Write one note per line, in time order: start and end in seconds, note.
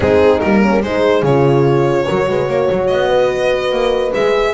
0.00 0.41 G#3
0.00 0.41 C4
0.00 0.61 D#4
0.00 0.40 G#4
0.40 0.82 G3
0.40 0.83 A#3
0.40 0.82 A#4
0.61 0.82 C#4
0.82 1.22 G#3
0.82 1.26 D#4
0.82 2.06 G#4
0.82 1.24 C5
1.22 2.05 C#3
1.22 2.08 F4
1.22 2.87 C#5
2.06 2.29 F#3
2.06 4.14 F#4
2.06 2.27 A#4
2.29 2.48 G#3
2.29 2.49 B4
2.48 2.69 A#3
2.48 3.08 C#5
2.71 2.91 F#3
2.87 3.71 B3
2.87 4.11 D#5
3.08 4.53 B4
3.71 4.12 A#3
4.14 4.54 G#3
4.14 4.54 G#4
4.14 4.54 E5